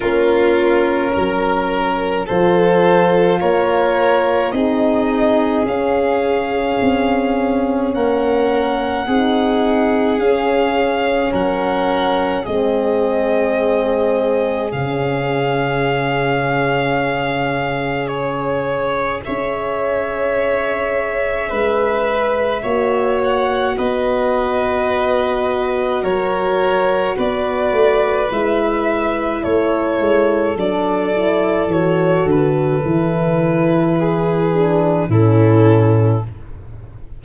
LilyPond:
<<
  \new Staff \with { instrumentName = "violin" } { \time 4/4 \tempo 4 = 53 ais'2 c''4 cis''4 | dis''4 f''2 fis''4~ | fis''4 f''4 fis''4 dis''4~ | dis''4 f''2. |
cis''4 e''2.~ | e''8 fis''8 dis''2 cis''4 | d''4 e''4 cis''4 d''4 | cis''8 b'2~ b'8 a'4 | }
  \new Staff \with { instrumentName = "violin" } { \time 4/4 f'4 ais'4 a'4 ais'4 | gis'2. ais'4 | gis'2 ais'4 gis'4~ | gis'1~ |
gis'4 cis''2 b'4 | cis''4 b'2 ais'4 | b'2 a'2~ | a'2 gis'4 e'4 | }
  \new Staff \with { instrumentName = "horn" } { \time 4/4 cis'2 f'2 | dis'4 cis'2. | dis'4 cis'2 c'4~ | c'4 cis'2.~ |
cis'4 gis'2. | fis'1~ | fis'4 e'2 d'8 e'8 | fis'4 e'4. d'8 cis'4 | }
  \new Staff \with { instrumentName = "tuba" } { \time 4/4 ais4 fis4 f4 ais4 | c'4 cis'4 c'4 ais4 | c'4 cis'4 fis4 gis4~ | gis4 cis2.~ |
cis4 cis'2 gis4 | ais4 b2 fis4 | b8 a8 gis4 a8 gis8 fis4 | e8 d8 e2 a,4 | }
>>